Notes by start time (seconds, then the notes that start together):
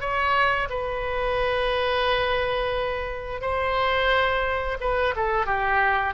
0.00 C#5
0.69 B4
3.41 C5
4.80 B4
5.16 A4
5.46 G4